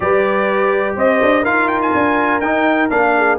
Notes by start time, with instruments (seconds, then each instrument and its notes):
0.00 tuba G3, trombone G4, horn B4, trumpet D5
0.95 tuba C4, horn C5, trumpet D#5
1.22 tuba D4
1.42 tuba D#4, trombone F4, horn A#4, trumpet F5
1.68 trumpet G5
1.82 trumpet G#5
1.94 tuba D4
2.40 tuba D#4, trombone D#4, trumpet G5
2.90 tuba A#3, trombone D4, trumpet F5
3.16 horn G#4